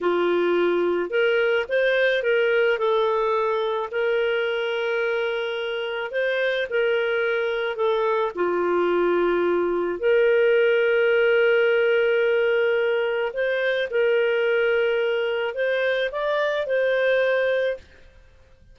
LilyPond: \new Staff \with { instrumentName = "clarinet" } { \time 4/4 \tempo 4 = 108 f'2 ais'4 c''4 | ais'4 a'2 ais'4~ | ais'2. c''4 | ais'2 a'4 f'4~ |
f'2 ais'2~ | ais'1 | c''4 ais'2. | c''4 d''4 c''2 | }